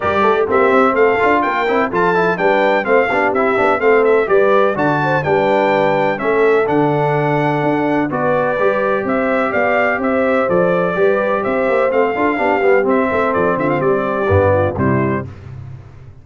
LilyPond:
<<
  \new Staff \with { instrumentName = "trumpet" } { \time 4/4 \tempo 4 = 126 d''4 e''4 f''4 g''4 | a''4 g''4 f''4 e''4 | f''8 e''8 d''4 a''4 g''4~ | g''4 e''4 fis''2~ |
fis''4 d''2 e''4 | f''4 e''4 d''2 | e''4 f''2 e''4 | d''8 e''16 f''16 d''2 c''4 | }
  \new Staff \with { instrumentName = "horn" } { \time 4/4 ais'8 a'8 g'4 a'4 ais'4 | a'4 b'4 c''8 g'4. | a'4 b'4 d''8 c''8 b'4~ | b'4 a'2.~ |
a'4 b'2 c''4 | d''4 c''2 b'4 | c''4. a'8 g'4. a'8~ | a'8 f'8 g'4. f'8 e'4 | }
  \new Staff \with { instrumentName = "trombone" } { \time 4/4 g'4 c'4. f'4 e'8 | f'8 e'8 d'4 c'8 d'8 e'8 d'8 | c'4 g'4 fis'4 d'4~ | d'4 cis'4 d'2~ |
d'4 fis'4 g'2~ | g'2 a'4 g'4~ | g'4 c'8 f'8 d'8 b8 c'4~ | c'2 b4 g4 | }
  \new Staff \with { instrumentName = "tuba" } { \time 4/4 g8 a8 ais8 c'8 a8 d'8 ais8 c'8 | f4 g4 a8 b8 c'8 b8 | a4 g4 d4 g4~ | g4 a4 d2 |
d'4 b4 g4 c'4 | b4 c'4 f4 g4 | c'8 ais8 a8 d'8 b8 g8 c'8 a8 | f8 d8 g4 g,4 c4 | }
>>